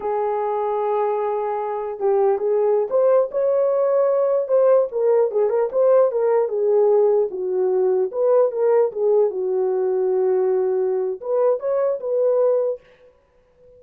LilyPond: \new Staff \with { instrumentName = "horn" } { \time 4/4 \tempo 4 = 150 gis'1~ | gis'4 g'4 gis'4~ gis'16 c''8.~ | c''16 cis''2. c''8.~ | c''16 ais'4 gis'8 ais'8 c''4 ais'8.~ |
ais'16 gis'2 fis'4.~ fis'16~ | fis'16 b'4 ais'4 gis'4 fis'8.~ | fis'1 | b'4 cis''4 b'2 | }